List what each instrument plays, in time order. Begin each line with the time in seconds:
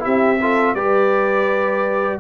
0.00 tuba C4, trombone E4, horn G4, trumpet E5
0.41 trombone F4, horn A4
0.75 tuba G3, trombone G4, horn B4, trumpet D5